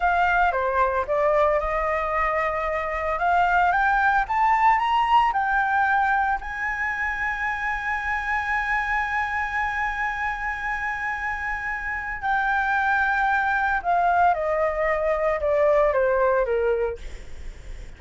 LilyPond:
\new Staff \with { instrumentName = "flute" } { \time 4/4 \tempo 4 = 113 f''4 c''4 d''4 dis''4~ | dis''2 f''4 g''4 | a''4 ais''4 g''2 | gis''1~ |
gis''1~ | gis''2. g''4~ | g''2 f''4 dis''4~ | dis''4 d''4 c''4 ais'4 | }